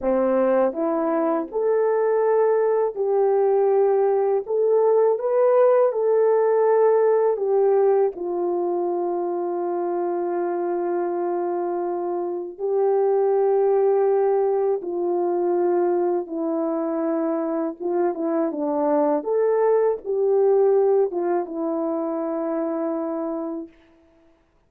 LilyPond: \new Staff \with { instrumentName = "horn" } { \time 4/4 \tempo 4 = 81 c'4 e'4 a'2 | g'2 a'4 b'4 | a'2 g'4 f'4~ | f'1~ |
f'4 g'2. | f'2 e'2 | f'8 e'8 d'4 a'4 g'4~ | g'8 f'8 e'2. | }